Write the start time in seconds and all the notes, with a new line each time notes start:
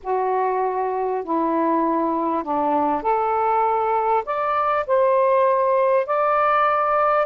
0.03 F#4
1.24 E4
2.43 D4
3.02 A4
4.25 D5
4.87 C5
6.06 D5